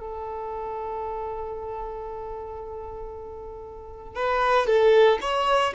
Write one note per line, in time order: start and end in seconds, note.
0.00 4.15 A4
4.15 4.66 B4
4.66 5.19 A4
5.21 5.73 C#5